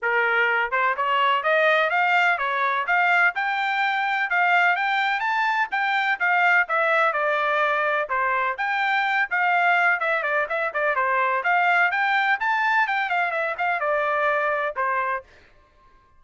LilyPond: \new Staff \with { instrumentName = "trumpet" } { \time 4/4 \tempo 4 = 126 ais'4. c''8 cis''4 dis''4 | f''4 cis''4 f''4 g''4~ | g''4 f''4 g''4 a''4 | g''4 f''4 e''4 d''4~ |
d''4 c''4 g''4. f''8~ | f''4 e''8 d''8 e''8 d''8 c''4 | f''4 g''4 a''4 g''8 f''8 | e''8 f''8 d''2 c''4 | }